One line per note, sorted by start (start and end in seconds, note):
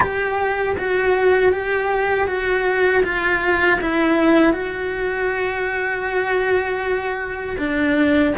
0.00 0.76 G4
0.77 1.52 F#4
1.52 2.27 G4
2.27 3.03 F#4
3.03 3.79 F4
3.80 4.53 E4
4.53 7.56 F#4
7.57 8.33 D4